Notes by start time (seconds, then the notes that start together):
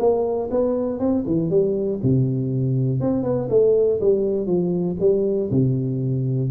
0.00 A#3
0.51 B3
1.00 C4
1.27 E3
1.51 G3
2.03 C3
3.01 C4
3.24 B3
3.50 A3
4.01 G3
4.47 F3
5.00 G3
5.51 C3